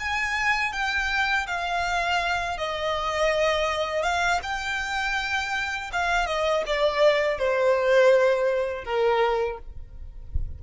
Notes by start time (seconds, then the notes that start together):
0.00 G#5
0.72 G5
1.47 F5
2.58 D#5
4.03 F5
4.43 G5
5.93 F5
6.26 D#5
6.67 D5
7.39 C5
8.85 A#4